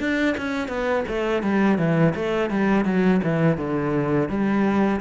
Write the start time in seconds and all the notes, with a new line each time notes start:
0.00 D4
0.38 C#4
0.69 B3
1.08 A3
1.43 G3
1.79 E3
2.16 A3
2.51 G3
2.85 F#3
3.24 E3
3.58 D3
4.30 G3